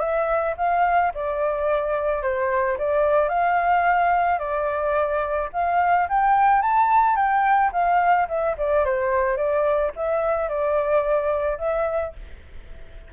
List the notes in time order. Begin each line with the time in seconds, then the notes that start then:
0.00 E5
0.58 F5
1.15 D5
2.22 C5
2.78 D5
3.29 F5
4.39 D5
5.53 F5
6.09 G5
6.62 A5
7.16 G5
7.73 F5
8.29 E5
8.58 D5
8.85 C5
9.37 D5
9.96 E5
10.49 D5
11.58 E5